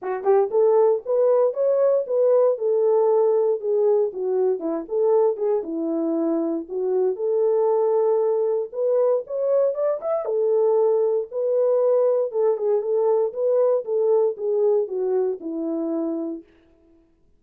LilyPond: \new Staff \with { instrumentName = "horn" } { \time 4/4 \tempo 4 = 117 fis'8 g'8 a'4 b'4 cis''4 | b'4 a'2 gis'4 | fis'4 e'8 a'4 gis'8 e'4~ | e'4 fis'4 a'2~ |
a'4 b'4 cis''4 d''8 e''8 | a'2 b'2 | a'8 gis'8 a'4 b'4 a'4 | gis'4 fis'4 e'2 | }